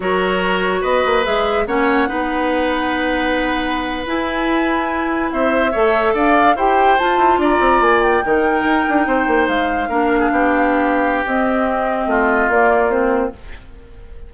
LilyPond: <<
  \new Staff \with { instrumentName = "flute" } { \time 4/4 \tempo 4 = 144 cis''2 dis''4 e''4 | fis''1~ | fis''4.~ fis''16 gis''2~ gis''16~ | gis''8. e''2 f''4 g''16~ |
g''8. a''4 ais''4 gis''8 g''8.~ | g''2~ g''8. f''4~ f''16~ | f''2. dis''4~ | dis''2 d''4 c''4 | }
  \new Staff \with { instrumentName = "oboe" } { \time 4/4 ais'2 b'2 | cis''4 b'2.~ | b'1~ | b'8. c''4 cis''4 d''4 c''16~ |
c''4.~ c''16 d''2 ais'16~ | ais'4.~ ais'16 c''2 ais'16~ | ais'8 gis'16 g'2.~ g'16~ | g'4 f'2. | }
  \new Staff \with { instrumentName = "clarinet" } { \time 4/4 fis'2. gis'4 | cis'4 dis'2.~ | dis'4.~ dis'16 e'2~ e'16~ | e'4.~ e'16 a'2 g'16~ |
g'8. f'2. dis'16~ | dis'2.~ dis'8. d'16~ | d'2. c'4~ | c'2 ais4 c'4 | }
  \new Staff \with { instrumentName = "bassoon" } { \time 4/4 fis2 b8 ais8 gis4 | ais4 b2.~ | b4.~ b16 e'2~ e'16~ | e'8. c'4 a4 d'4 e'16~ |
e'8. f'8 e'8 d'8 c'8 ais4 dis16~ | dis8. dis'8 d'8 c'8 ais8 gis4 ais16~ | ais8. b2~ b16 c'4~ | c'4 a4 ais2 | }
>>